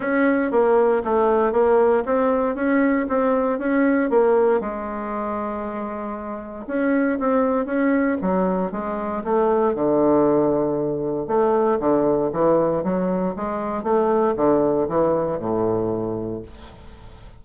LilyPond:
\new Staff \with { instrumentName = "bassoon" } { \time 4/4 \tempo 4 = 117 cis'4 ais4 a4 ais4 | c'4 cis'4 c'4 cis'4 | ais4 gis2.~ | gis4 cis'4 c'4 cis'4 |
fis4 gis4 a4 d4~ | d2 a4 d4 | e4 fis4 gis4 a4 | d4 e4 a,2 | }